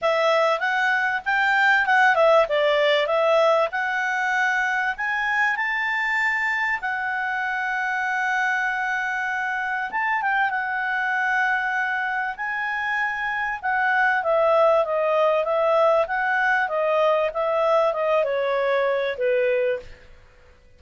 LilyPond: \new Staff \with { instrumentName = "clarinet" } { \time 4/4 \tempo 4 = 97 e''4 fis''4 g''4 fis''8 e''8 | d''4 e''4 fis''2 | gis''4 a''2 fis''4~ | fis''1 |
a''8 g''8 fis''2. | gis''2 fis''4 e''4 | dis''4 e''4 fis''4 dis''4 | e''4 dis''8 cis''4. b'4 | }